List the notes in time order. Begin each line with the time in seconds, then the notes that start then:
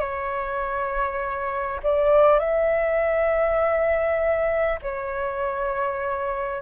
0.00 C#5
1.83 D5
2.39 E5
4.82 C#5